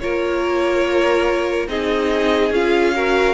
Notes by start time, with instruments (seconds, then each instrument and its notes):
0.00 cello A#3, viola F4, violin A#4 C#5
1.68 cello C4, viola D#4, violin G#4 D#5
2.51 cello C#4, viola F4, violin F5
2.95 viola F#4, violin A#4